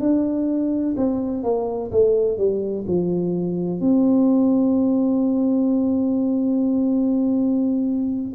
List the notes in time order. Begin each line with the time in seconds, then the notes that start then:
0.00 D4
0.97 C4
1.43 A#3
1.91 A3
2.38 G3
2.87 F3
3.81 C4